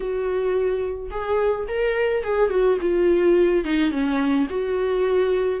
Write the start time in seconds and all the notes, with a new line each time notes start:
0.00 F#4
1.10 G#4
1.67 A#4
2.23 G#4
2.50 F#4
2.81 F4
3.64 D#4
3.91 C#4
4.49 F#4